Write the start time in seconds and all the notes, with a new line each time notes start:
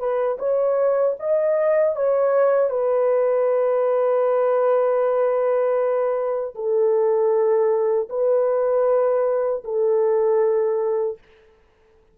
0.00 B4
0.39 C#5
1.20 D#5
1.97 C#5
2.71 B4
6.56 A4
8.10 B4
9.65 A4